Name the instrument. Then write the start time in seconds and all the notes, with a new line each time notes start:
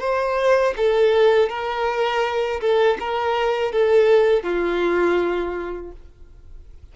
violin
0.00 C5
0.77 A4
1.49 A#4
2.61 A4
3.00 A#4
3.72 A4
4.43 F4